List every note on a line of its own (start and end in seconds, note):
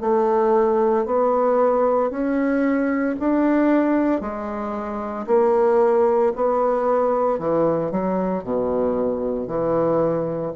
0.00 1.05 A3
1.05 2.10 B3
2.10 3.15 C#4
3.20 4.21 D4
4.21 5.26 G#3
5.27 6.32 A#3
6.35 7.39 B3
7.39 7.91 E3
7.91 8.44 F#3
8.44 9.47 B2
9.47 10.52 E3